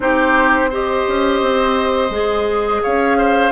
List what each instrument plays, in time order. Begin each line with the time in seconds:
0.00 bassoon C4, clarinet D#4, oboe G4, flute C5
0.70 clarinet G4, oboe C5, flute D#5
1.08 bassoon C#4
1.41 bassoon C4
2.10 bassoon G#3, clarinet G#4
2.82 bassoon C#4, oboe C#5, flute F5
3.17 oboe C5